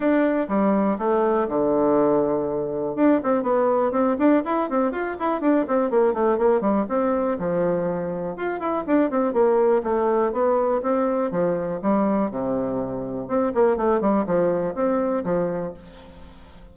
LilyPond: \new Staff \with { instrumentName = "bassoon" } { \time 4/4 \tempo 4 = 122 d'4 g4 a4 d4~ | d2 d'8 c'8 b4 | c'8 d'8 e'8 c'8 f'8 e'8 d'8 c'8 | ais8 a8 ais8 g8 c'4 f4~ |
f4 f'8 e'8 d'8 c'8 ais4 | a4 b4 c'4 f4 | g4 c2 c'8 ais8 | a8 g8 f4 c'4 f4 | }